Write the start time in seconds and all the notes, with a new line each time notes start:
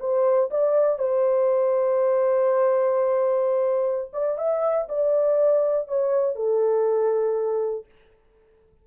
0.00 C5
0.51 D5
0.99 C5
4.13 D5
4.38 E5
4.89 D5
5.88 C#5
6.35 A4